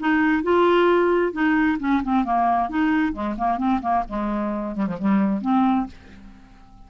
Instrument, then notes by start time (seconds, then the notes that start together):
clarinet
0.00 D#4
0.43 F4
1.33 D#4
1.80 C#4
2.04 C4
2.25 A#3
2.70 D#4
3.13 G#3
3.38 A#3
3.58 C4
3.81 A#3
4.08 G#3
4.76 G3
4.87 F3
4.99 G3
5.42 C4